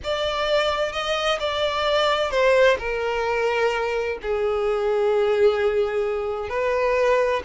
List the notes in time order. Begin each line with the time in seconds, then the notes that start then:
0.03 D5
0.92 D#5
1.39 D5
2.30 C5
2.79 A#4
4.21 G#4
6.49 B4